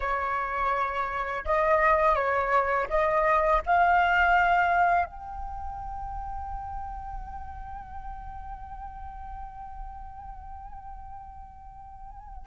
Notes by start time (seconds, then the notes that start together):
0.00 C#5
1.45 D#5
2.15 C#5
2.89 D#5
3.66 F5
5.05 G5